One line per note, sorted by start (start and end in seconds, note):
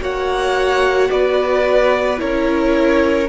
0.00 1.09 A#3
0.00 2.17 F#4
0.00 1.11 C#5
0.00 1.11 F#5
1.11 2.21 B3
1.11 2.21 B4
1.11 2.20 D5
2.17 3.29 C#4
2.17 3.27 E4
2.17 3.29 A#4
2.17 3.29 C#5